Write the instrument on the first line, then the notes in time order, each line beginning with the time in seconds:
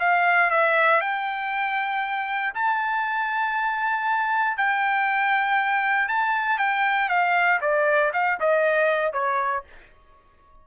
trumpet
0.00 F5
0.51 E5
1.01 G5
2.55 A5
4.57 G5
6.09 A5
6.58 G5
7.09 F5
7.61 D5
8.14 F5
8.40 D#5
9.13 C#5